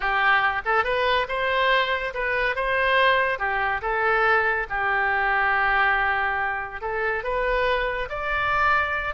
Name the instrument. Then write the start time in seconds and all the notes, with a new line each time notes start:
oboe
0.00 G4
0.65 A4
0.84 B4
1.28 C5
2.14 B4
2.55 C5
3.38 G4
3.81 A4
4.69 G4
6.81 A4
7.23 B4
8.09 D5